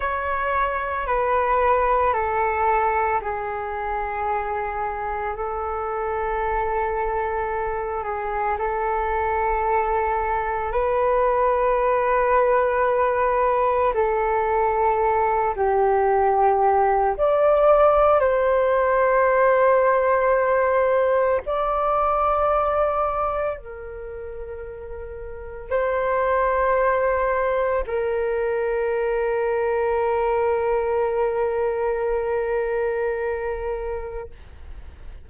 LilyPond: \new Staff \with { instrumentName = "flute" } { \time 4/4 \tempo 4 = 56 cis''4 b'4 a'4 gis'4~ | gis'4 a'2~ a'8 gis'8 | a'2 b'2~ | b'4 a'4. g'4. |
d''4 c''2. | d''2 ais'2 | c''2 ais'2~ | ais'1 | }